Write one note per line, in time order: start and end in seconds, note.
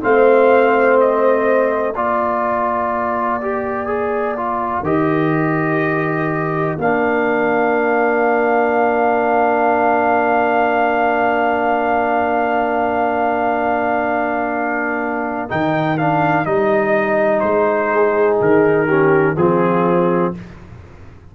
0.00 1.94 A3
0.00 1.94 C4
0.00 1.94 C5
0.00 1.00 F5
1.00 1.95 D#5
1.94 4.82 A#3
1.94 3.40 F4
1.94 17.90 A#4
1.94 4.84 D5
3.41 3.86 G4
3.86 4.35 G#4
4.36 4.84 F4
4.82 6.76 D#3
4.82 6.78 G4
4.82 6.78 D#5
6.78 15.49 A#3
6.78 15.49 D4
6.78 15.50 F5
15.49 16.45 D#3
15.49 15.97 D#4
15.49 15.97 G5
15.97 16.45 D4
15.97 16.45 F5
16.45 17.42 G3
16.45 18.87 D#4
16.45 17.40 D#5
17.40 18.39 G#3
17.40 18.36 C5
17.93 18.87 G#4
18.40 19.36 D#3
18.40 19.36 A#4
18.87 19.36 C#4
18.87 19.35 G4
19.36 20.32 F3
19.36 20.34 C4
19.36 20.35 F4
19.36 20.33 G#4